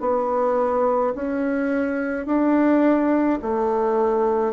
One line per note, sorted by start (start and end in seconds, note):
0.00 1.13 B3
1.15 2.26 C#4
2.26 3.39 D4
3.42 4.53 A3